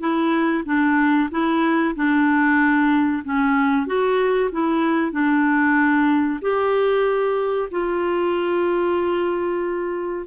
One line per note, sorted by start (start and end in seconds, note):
0.00 0.64 E4
0.65 1.29 D4
1.31 1.95 E4
1.95 3.23 D4
3.24 3.86 C#4
3.86 4.50 F#4
4.52 5.12 E4
5.12 6.39 D4
6.41 7.69 G4
7.71 10.26 F4